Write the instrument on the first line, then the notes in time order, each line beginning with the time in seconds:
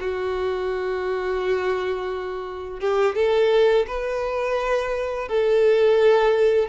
violin
0.00 F#4
2.80 G4
3.15 A4
3.87 B4
5.28 A4